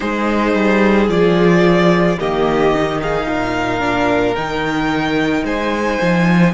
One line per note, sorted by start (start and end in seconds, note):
0.00 0.54 G#3
0.00 1.08 D#4
0.00 2.18 G#4
0.00 1.08 C5
0.54 1.08 G3
1.08 2.17 F3
1.08 2.18 F4
1.08 2.19 D5
2.18 3.26 D#3
2.18 2.74 A#3
2.18 3.00 G4
2.18 3.01 D#5
2.74 3.80 D#4
3.01 3.27 G#4
3.01 4.34 F5
3.26 4.35 A#2
3.26 5.44 A#4
3.80 4.35 D4
4.34 5.43 D#3
4.34 6.53 D#4
4.34 5.43 G5
5.43 5.98 G#3
5.43 6.53 C5
5.43 6.53 G#5
6.01 6.53 F3